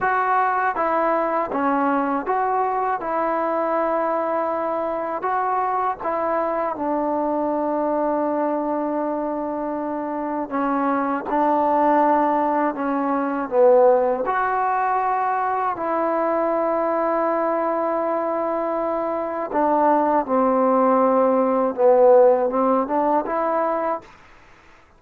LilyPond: \new Staff \with { instrumentName = "trombone" } { \time 4/4 \tempo 4 = 80 fis'4 e'4 cis'4 fis'4 | e'2. fis'4 | e'4 d'2.~ | d'2 cis'4 d'4~ |
d'4 cis'4 b4 fis'4~ | fis'4 e'2.~ | e'2 d'4 c'4~ | c'4 b4 c'8 d'8 e'4 | }